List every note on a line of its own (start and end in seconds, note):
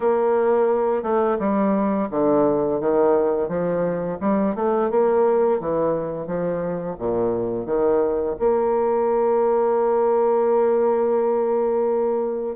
0.00 1.02 A#3
1.02 1.37 A3
1.39 2.08 G3
2.10 2.80 D3
2.80 3.48 D#3
3.48 4.18 F3
4.20 4.55 G3
4.55 4.90 A3
4.90 5.59 A#3
5.59 6.26 E3
6.26 6.96 F3
6.98 7.66 A#2
7.66 8.36 D#3
8.39 12.55 A#3